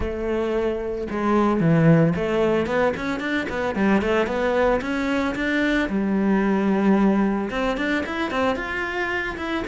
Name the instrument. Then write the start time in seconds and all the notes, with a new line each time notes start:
cello
0.00 A3
1.10 G#3
1.60 E3
2.15 A3
2.66 B3
2.97 C#4
3.19 D4
3.49 B3
3.75 G3
4.01 A3
4.27 B3
4.81 C#4
5.35 D4
5.89 G3
7.50 C4
7.77 D4
8.06 E4
8.30 C4
8.56 F4
9.37 E4